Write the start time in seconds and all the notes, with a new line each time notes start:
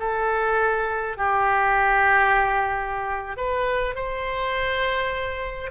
0.00 A4
1.18 G4
3.37 B4
3.95 C5